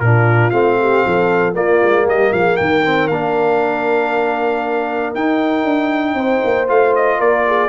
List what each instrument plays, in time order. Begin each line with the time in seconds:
0.00 tuba A#2, trombone D4, horn F4, trumpet A#4
0.51 tuba A3, trombone C4, trumpet F5
0.81 horn G4
1.06 tuba F3, horn A4
1.54 trombone A#3, tuba A#3, horn F4, trumpet D5
1.83 tuba G#3
2.06 tuba G3, horn G4, trumpet D#5
2.33 tuba F3, horn G#4, trumpet F5
2.57 tuba D#3, horn A#4, trumpet G5
2.85 trombone C4
3.08 tuba A#3, trombone D4, trumpet F5
5.15 tuba D#4, trombone D#4, trumpet G5
5.64 tuba D4
6.14 tuba C4, horn C5
6.44 tuba A#3
6.68 tuba A3, trombone F4, trumpet F5
6.96 trumpet D#5
7.19 tuba A#3, horn A#4, trumpet D5
7.47 horn G#4